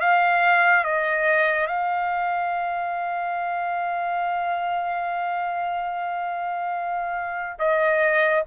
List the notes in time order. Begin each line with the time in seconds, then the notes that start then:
0.00 F5
0.84 D#5
1.67 F5
7.59 D#5